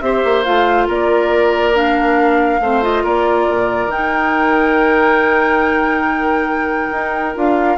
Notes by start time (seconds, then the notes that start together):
0.00 C4 G4 C5 E5
0.24 A#3
0.44 A3 F4 F5
0.87 A#3 A#4 D5
1.73 D4 F5
2.60 A3 C4 C5
2.82 F4 D#5
3.03 A#3 A#4 D5
3.50 A#2
3.86 D#3 D#4 G5
6.91 D#4
7.35 D4 F4 F5